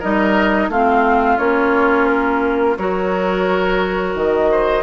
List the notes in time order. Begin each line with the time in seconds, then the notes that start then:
0.00 G3 D#4 A#4 D#5
0.69 A3 C4 F4 F5
1.38 A#3 C#4 C#5
2.07 A#4
2.77 F#3 F#4 A#4 C#5
4.15 D#3 D#5
4.51 C5